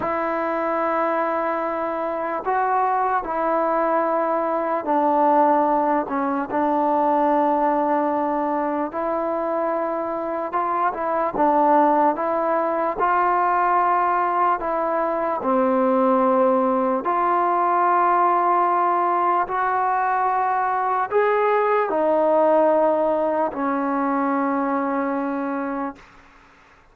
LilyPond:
\new Staff \with { instrumentName = "trombone" } { \time 4/4 \tempo 4 = 74 e'2. fis'4 | e'2 d'4. cis'8 | d'2. e'4~ | e'4 f'8 e'8 d'4 e'4 |
f'2 e'4 c'4~ | c'4 f'2. | fis'2 gis'4 dis'4~ | dis'4 cis'2. | }